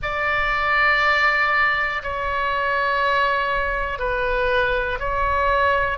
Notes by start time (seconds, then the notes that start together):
0.02 D5
2.03 C#5
3.99 B4
5.00 C#5